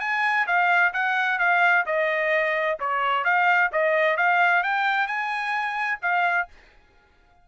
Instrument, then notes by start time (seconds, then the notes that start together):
trumpet
0.00 G#5
0.47 F5
0.93 F#5
1.39 F5
1.86 D#5
2.79 C#5
3.24 F5
3.72 D#5
4.17 F5
4.63 G5
5.07 G#5
6.02 F5